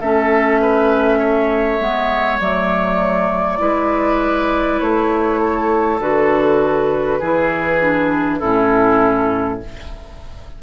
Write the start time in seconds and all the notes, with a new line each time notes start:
0.00 A3 C#4 A4 E5
0.61 B4
1.19 C#5
1.80 G#3 B3
2.40 F#3 A3 D5
3.59 G#3 E4 B4
4.79 A3 C#5
5.41 A4
6.00 D3 F#4 B4
7.19 E3 E4 G#4
7.81 D4
8.39 A2 C#4 E4 A4